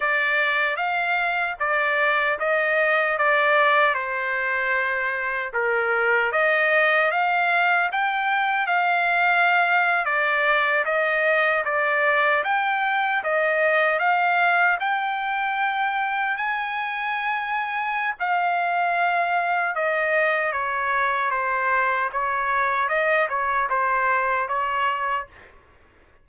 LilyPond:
\new Staff \with { instrumentName = "trumpet" } { \time 4/4 \tempo 4 = 76 d''4 f''4 d''4 dis''4 | d''4 c''2 ais'4 | dis''4 f''4 g''4 f''4~ | f''8. d''4 dis''4 d''4 g''16~ |
g''8. dis''4 f''4 g''4~ g''16~ | g''8. gis''2~ gis''16 f''4~ | f''4 dis''4 cis''4 c''4 | cis''4 dis''8 cis''8 c''4 cis''4 | }